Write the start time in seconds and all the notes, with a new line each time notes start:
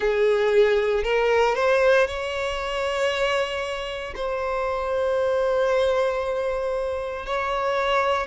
0.00 G#4
1.03 A#4
1.55 C5
2.07 C#5
4.15 C5
7.26 C#5